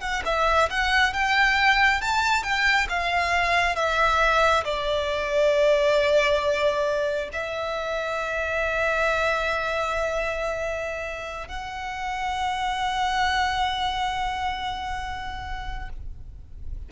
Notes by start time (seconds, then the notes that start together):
0.00 F#5
0.25 E5
0.70 F#5
1.13 G5
2.01 A5
2.43 G5
2.89 F5
3.76 E5
4.64 D5
7.33 E5
11.48 F#5